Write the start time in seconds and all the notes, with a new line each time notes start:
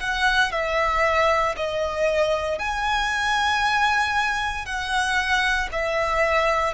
0.00 F#5
0.52 E5
1.57 D#5
2.59 G#5
4.66 F#5
5.72 E5